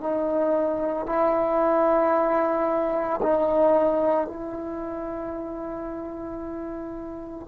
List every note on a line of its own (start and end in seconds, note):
0.00 1.06 D#4
1.06 3.20 E4
3.22 4.26 D#4
4.26 7.47 E4